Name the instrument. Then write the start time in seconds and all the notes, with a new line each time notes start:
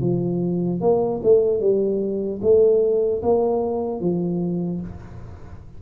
tuba
0.00 F3
0.80 A#3
1.23 A3
1.60 G3
2.41 A3
3.22 A#3
4.00 F3